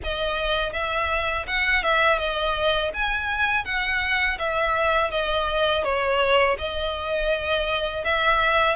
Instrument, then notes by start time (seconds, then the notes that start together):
violin
0.03 D#5
0.73 E5
1.47 F#5
1.83 E5
2.18 D#5
2.93 G#5
3.64 F#5
4.39 E5
5.11 D#5
5.84 C#5
6.58 D#5
8.04 E5